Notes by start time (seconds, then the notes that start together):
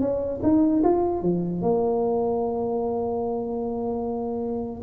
0.00 C#4
0.43 D#4
0.83 F4
1.22 F3
1.61 A#3